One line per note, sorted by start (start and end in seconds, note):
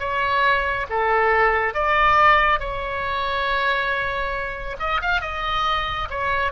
0.00 0.87 C#5
0.90 1.74 A4
1.74 2.60 D5
2.60 4.77 C#5
4.79 5.01 D#5
5.02 5.22 F5
5.22 6.09 D#5
6.10 6.52 C#5